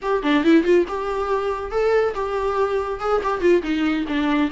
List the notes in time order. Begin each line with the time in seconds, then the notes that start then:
0.01 G4
0.23 D4
0.44 E4
0.63 F4
0.88 G4
1.71 A4
2.14 G4
3.00 G#4
3.23 G4
3.40 F4
3.62 D#4
4.08 D4